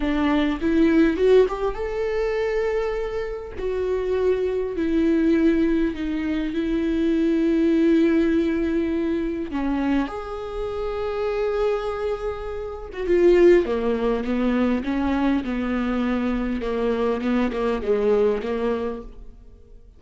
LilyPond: \new Staff \with { instrumentName = "viola" } { \time 4/4 \tempo 4 = 101 d'4 e'4 fis'8 g'8 a'4~ | a'2 fis'2 | e'2 dis'4 e'4~ | e'1 |
cis'4 gis'2.~ | gis'4.~ gis'16 fis'16 f'4 ais4 | b4 cis'4 b2 | ais4 b8 ais8 gis4 ais4 | }